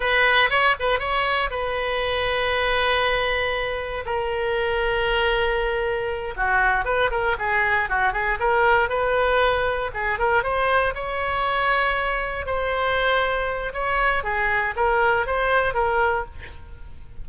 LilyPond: \new Staff \with { instrumentName = "oboe" } { \time 4/4 \tempo 4 = 118 b'4 cis''8 b'8 cis''4 b'4~ | b'1 | ais'1~ | ais'8 fis'4 b'8 ais'8 gis'4 fis'8 |
gis'8 ais'4 b'2 gis'8 | ais'8 c''4 cis''2~ cis''8~ | cis''8 c''2~ c''8 cis''4 | gis'4 ais'4 c''4 ais'4 | }